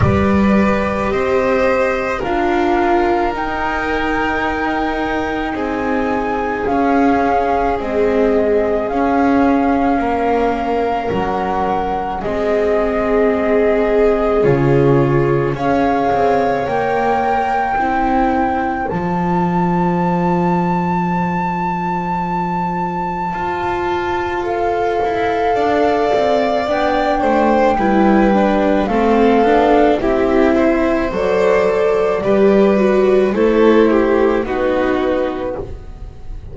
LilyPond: <<
  \new Staff \with { instrumentName = "flute" } { \time 4/4 \tempo 4 = 54 d''4 dis''4 f''4 g''4~ | g''4 gis''4 f''4 dis''4 | f''2 fis''4 dis''4~ | dis''4 cis''4 f''4 g''4~ |
g''4 a''2.~ | a''2 f''2 | g''2 f''4 e''4 | d''2 c''4 b'4 | }
  \new Staff \with { instrumentName = "violin" } { \time 4/4 b'4 c''4 ais'2~ | ais'4 gis'2.~ | gis'4 ais'2 gis'4~ | gis'2 cis''2 |
c''1~ | c''2. d''4~ | d''8 c''8 b'4 a'4 g'8 c''8~ | c''4 b'4 a'8 g'8 fis'4 | }
  \new Staff \with { instrumentName = "viola" } { \time 4/4 g'2 f'4 dis'4~ | dis'2 cis'4 gis4 | cis'2. c'4~ | c'4 f'4 gis'4 ais'4 |
e'4 f'2.~ | f'2 a'2 | d'4 e'8 d'8 c'8 d'8 e'4 | a'4 g'8 fis'8 e'4 dis'4 | }
  \new Staff \with { instrumentName = "double bass" } { \time 4/4 g4 c'4 d'4 dis'4~ | dis'4 c'4 cis'4 c'4 | cis'4 ais4 fis4 gis4~ | gis4 cis4 cis'8 c'8 ais4 |
c'4 f2.~ | f4 f'4. e'8 d'8 c'8 | b8 a8 g4 a8 b8 c'4 | fis4 g4 a4 b4 | }
>>